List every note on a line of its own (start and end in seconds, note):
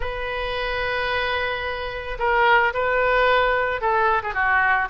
0.00 2.18 B4
2.18 2.73 A#4
2.73 3.81 B4
3.81 4.22 A4
4.22 4.34 G#4
4.34 4.88 F#4